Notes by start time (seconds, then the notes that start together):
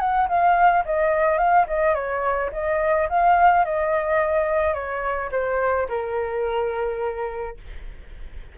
0.00 F#5
0.29 F5
0.86 D#5
1.39 F5
1.68 D#5
1.95 C#5
2.53 D#5
3.09 F5
3.65 D#5
4.74 C#5
5.32 C5
5.89 A#4